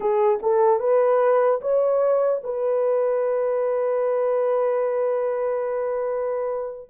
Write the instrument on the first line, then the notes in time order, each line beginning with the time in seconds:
horn
0.00 G#4
0.42 A4
0.79 B4
1.61 C#5
2.43 B4